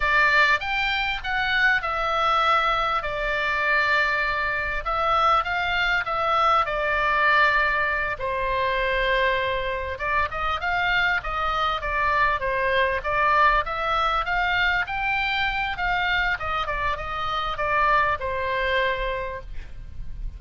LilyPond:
\new Staff \with { instrumentName = "oboe" } { \time 4/4 \tempo 4 = 99 d''4 g''4 fis''4 e''4~ | e''4 d''2. | e''4 f''4 e''4 d''4~ | d''4. c''2~ c''8~ |
c''8 d''8 dis''8 f''4 dis''4 d''8~ | d''8 c''4 d''4 e''4 f''8~ | f''8 g''4. f''4 dis''8 d''8 | dis''4 d''4 c''2 | }